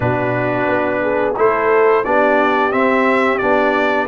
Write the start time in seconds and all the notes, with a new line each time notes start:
0.00 B2 D4 F#4 B4
0.67 B3
1.01 G#4
1.36 A3 E4 A4 C5
2.04 B3 D4 G4 D5
2.71 C4 E5
3.38 B3 D4 D5